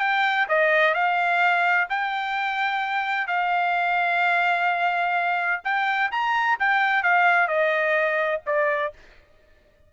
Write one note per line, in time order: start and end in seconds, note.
0.00 0.47 G5
0.49 0.95 D#5
0.95 1.88 F5
1.90 3.28 G5
3.28 5.62 F5
5.65 6.12 G5
6.12 6.59 A#5
6.60 7.03 G5
7.03 7.48 F5
7.48 8.42 D#5
8.47 8.93 D5